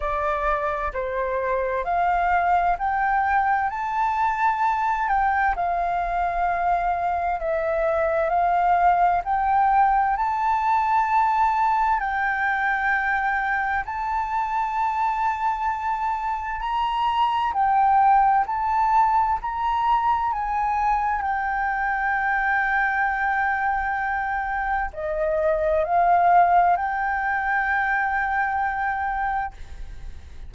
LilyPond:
\new Staff \with { instrumentName = "flute" } { \time 4/4 \tempo 4 = 65 d''4 c''4 f''4 g''4 | a''4. g''8 f''2 | e''4 f''4 g''4 a''4~ | a''4 g''2 a''4~ |
a''2 ais''4 g''4 | a''4 ais''4 gis''4 g''4~ | g''2. dis''4 | f''4 g''2. | }